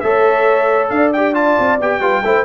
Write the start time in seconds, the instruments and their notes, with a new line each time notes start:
0.00 tuba A3, trombone A4, horn C#5, trumpet E5
0.89 tuba D4, horn D5, trumpet F5
1.13 trombone G4, trumpet G5
1.34 trombone F4, trumpet A5
1.59 tuba C4
1.80 tuba B3, trombone G4, trumpet G5
2.00 tuba G3, trombone F4, horn B4
2.24 tuba A3, trombone E4, horn C5